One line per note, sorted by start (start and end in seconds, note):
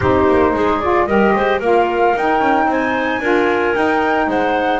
0.00 0.27 C4
0.00 0.82 D#4
0.00 0.53 G4
0.00 0.79 C5
0.28 0.53 A#3
0.53 1.06 G#3
0.53 1.07 G#4
0.79 1.07 F4
0.79 1.06 D5
1.06 1.33 G3
1.06 1.61 G4
1.06 1.33 A#4
1.06 1.59 D#5
1.35 1.60 G#3
1.35 1.59 C5
1.59 2.13 A#3
1.59 2.15 F4
1.59 2.66 A#4
1.59 2.17 F5
2.15 2.39 D#4
2.15 3.22 D#4
2.15 2.71 G5
2.39 2.65 C#4
2.65 3.19 C4
2.65 3.21 C5
2.65 3.75 G#5
3.20 3.73 D4
3.20 3.74 F4
3.20 4.27 A#4
3.74 4.80 D#4
3.74 4.26 D#4
3.74 4.29 G5
4.26 4.80 G#3
4.26 4.80 C5
4.26 4.80 F#5